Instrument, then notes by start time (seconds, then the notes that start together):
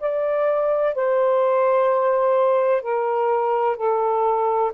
saxophone
0.00 D5
0.95 C5
2.82 A#4
3.77 A4